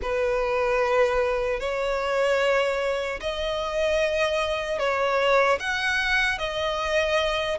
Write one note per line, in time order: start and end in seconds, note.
0.02 1.60 B4
1.60 3.20 C#5
3.20 4.79 D#5
4.79 5.59 C#5
5.59 6.38 F#5
6.38 7.58 D#5